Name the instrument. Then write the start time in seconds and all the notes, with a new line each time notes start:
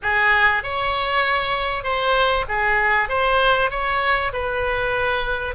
oboe
0.02 G#4
0.63 C#5
1.83 C5
2.48 G#4
3.08 C5
3.70 C#5
4.32 B4